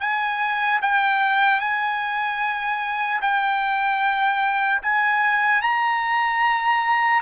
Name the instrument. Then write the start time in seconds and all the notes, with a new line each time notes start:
trumpet
0.00 G#5
0.82 G5
1.60 G#5
3.21 G5
4.82 G#5
5.62 A#5